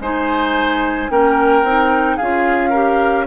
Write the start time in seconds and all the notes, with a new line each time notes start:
0.00 G#3 D#4 C5 G#5
1.10 A#3 C#4 A#4 G5
1.63 C4 D#4
2.16 C#4 F4 G#4 F5
2.70 G4 A#4